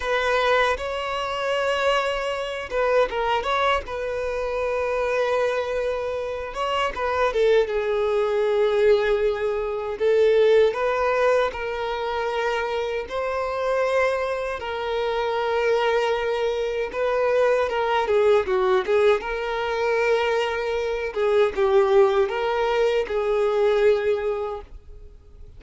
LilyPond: \new Staff \with { instrumentName = "violin" } { \time 4/4 \tempo 4 = 78 b'4 cis''2~ cis''8 b'8 | ais'8 cis''8 b'2.~ | b'8 cis''8 b'8 a'8 gis'2~ | gis'4 a'4 b'4 ais'4~ |
ais'4 c''2 ais'4~ | ais'2 b'4 ais'8 gis'8 | fis'8 gis'8 ais'2~ ais'8 gis'8 | g'4 ais'4 gis'2 | }